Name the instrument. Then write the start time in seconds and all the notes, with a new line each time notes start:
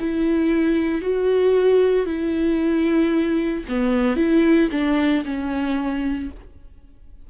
viola
0.00 E4
1.02 F#4
2.06 E4
3.69 B3
4.17 E4
4.71 D4
5.25 C#4